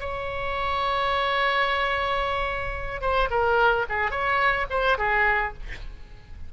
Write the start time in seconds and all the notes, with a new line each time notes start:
0.00 C#5
3.01 C5
3.31 A#4
3.89 G#4
4.11 C#5
4.70 C5
4.98 G#4